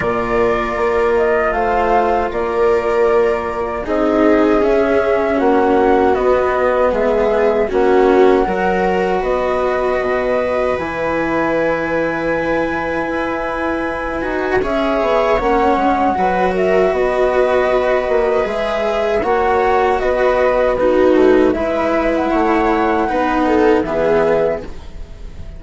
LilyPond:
<<
  \new Staff \with { instrumentName = "flute" } { \time 4/4 \tempo 4 = 78 d''4. dis''8 f''4 d''4~ | d''4 dis''4 e''4 fis''4 | dis''4 e''4 fis''2 | dis''2 gis''2~ |
gis''2. e''4 | fis''4. e''8 dis''2 | e''4 fis''4 dis''4 b'4 | e''8. fis''2~ fis''16 e''4 | }
  \new Staff \with { instrumentName = "viola" } { \time 4/4 ais'2 c''4 ais'4~ | ais'4 gis'2 fis'4~ | fis'4 gis'4 fis'4 ais'4 | b'1~ |
b'2. cis''4~ | cis''4 b'8 ais'8 b'2~ | b'4 cis''4 b'4 fis'4 | b'4 cis''4 b'8 a'8 gis'4 | }
  \new Staff \with { instrumentName = "cello" } { \time 4/4 f'1~ | f'4 dis'4 cis'2 | b2 cis'4 fis'4~ | fis'2 e'2~ |
e'2~ e'8 fis'8 gis'4 | cis'4 fis'2. | gis'4 fis'2 dis'4 | e'2 dis'4 b4 | }
  \new Staff \with { instrumentName = "bassoon" } { \time 4/4 ais,4 ais4 a4 ais4~ | ais4 c'4 cis'4 ais4 | b4 gis4 ais4 fis4 | b4 b,4 e2~ |
e4 e'4. dis'8 cis'8 b8 | ais8 gis8 fis4 b4. ais8 | gis4 ais4 b4. a8 | gis4 a4 b4 e4 | }
>>